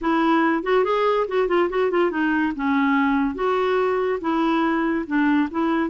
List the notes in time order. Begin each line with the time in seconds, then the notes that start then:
0.01 E4
0.63 F#4
0.84 G#4
1.28 F#4
1.48 F4
1.69 F#4
1.91 F4
2.10 D#4
2.55 C#4
3.34 F#4
4.20 E4
5.06 D4
5.50 E4